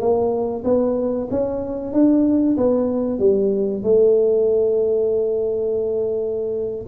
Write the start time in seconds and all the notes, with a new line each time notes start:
0.00 A#3
0.65 B3
1.31 C#4
1.93 D4
2.57 B3
3.19 G3
3.83 A3